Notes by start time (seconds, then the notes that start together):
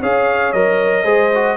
0.00 C#4 G#4 C#5 F5
0.53 F#3 A#4 D#5
1.04 G#3 G#4 C5
1.35 F#4